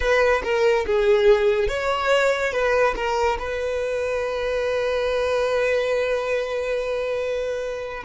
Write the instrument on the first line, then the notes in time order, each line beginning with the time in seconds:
violin
0.00 B4
0.43 A#4
0.86 G#4
1.68 C#5
2.52 B4
2.95 A#4
3.38 B4